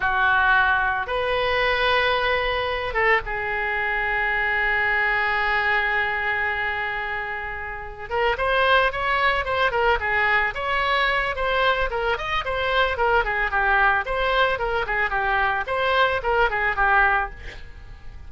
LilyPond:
\new Staff \with { instrumentName = "oboe" } { \time 4/4 \tempo 4 = 111 fis'2 b'2~ | b'4. a'8 gis'2~ | gis'1~ | gis'2. ais'8 c''8~ |
c''8 cis''4 c''8 ais'8 gis'4 cis''8~ | cis''4 c''4 ais'8 dis''8 c''4 | ais'8 gis'8 g'4 c''4 ais'8 gis'8 | g'4 c''4 ais'8 gis'8 g'4 | }